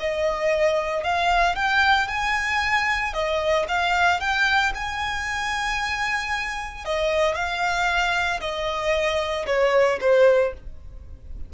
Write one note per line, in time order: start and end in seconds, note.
0.00 1.04 D#5
1.04 1.56 F5
1.56 2.08 G5
2.08 3.13 G#5
3.13 3.66 D#5
3.68 4.20 F5
4.20 4.73 G5
4.74 6.85 G#5
6.85 7.35 D#5
7.35 8.40 F5
8.41 9.46 D#5
9.46 9.99 C#5
10.01 10.53 C5